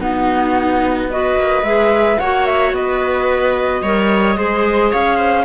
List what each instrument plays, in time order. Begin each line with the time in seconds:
0.00 cello B3, clarinet B3, viola D#4, flute F#4
1.10 clarinet F#4, viola B4, flute D#5
1.37 cello A#3
1.63 cello G#3, clarinet G#4, flute E5
2.19 cello A#3, clarinet F#4, viola C#5, flute F#5
2.45 flute E5
2.73 cello B3, viola B4, flute D#5
3.83 cello G3, clarinet A#4, viola C#5
4.36 cello G#3, clarinet G#4, viola C5
4.92 cello C#4, viola C#5, flute F5
5.16 viola C5